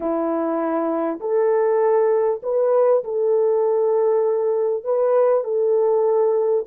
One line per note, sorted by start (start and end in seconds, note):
0.00 1.19 E4
1.20 2.41 A4
2.42 3.03 B4
3.04 4.83 A4
4.83 5.44 B4
5.44 6.65 A4